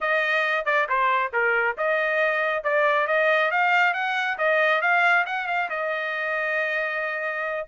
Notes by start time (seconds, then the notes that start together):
0.00 D#5
0.65 D5
0.88 C5
1.33 A#4
1.77 D#5
2.63 D5
3.07 D#5
3.51 F5
3.93 F#5
4.38 D#5
4.81 F5
5.26 F#5
5.47 F5
5.69 D#5